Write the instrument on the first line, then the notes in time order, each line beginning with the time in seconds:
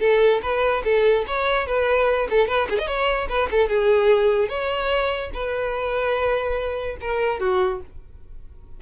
violin
0.00 A4
0.42 B4
0.85 A4
1.27 C#5
1.67 B4
2.30 A4
2.48 B4
2.70 G#4
2.78 D#5
2.87 C#5
3.29 B4
3.51 A4
3.69 G#4
4.49 C#5
5.34 B4
7.01 A#4
7.40 F#4